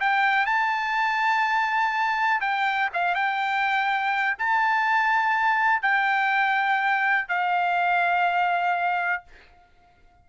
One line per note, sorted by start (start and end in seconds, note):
0.00 0.46 G5
0.46 2.41 A5
2.41 2.89 G5
2.94 3.15 F5
3.15 4.37 G5
4.38 5.82 A5
5.82 7.28 G5
7.28 9.23 F5